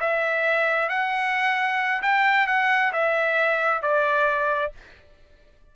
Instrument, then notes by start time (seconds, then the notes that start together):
trumpet
0.00 E5
0.89 F#5
2.02 G5
2.47 F#5
2.92 E5
3.82 D5